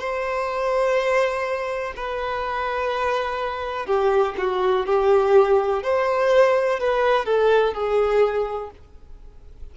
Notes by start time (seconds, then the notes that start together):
0.00 C5
1.96 B4
3.86 G4
4.38 F#4
4.86 G4
5.83 C5
6.80 B4
7.26 A4
7.74 G#4